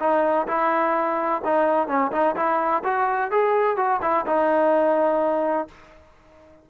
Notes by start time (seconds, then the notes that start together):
0.00 D#4
0.48 E4
1.45 D#4
1.88 C#4
2.12 D#4
2.36 E4
2.84 F#4
3.31 G#4
3.77 F#4
4.02 E4
4.27 D#4